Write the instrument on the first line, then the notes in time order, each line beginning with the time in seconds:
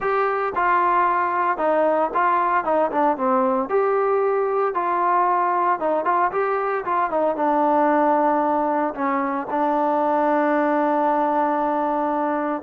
trombone
0.00 G4
0.55 F4
1.57 D#4
2.14 F4
2.64 D#4
2.91 D4
3.17 C4
3.69 G4
4.74 F4
5.79 D#4
6.05 F4
6.31 G4
6.84 F4
7.10 D#4
7.36 D4
8.94 C#4
9.50 D4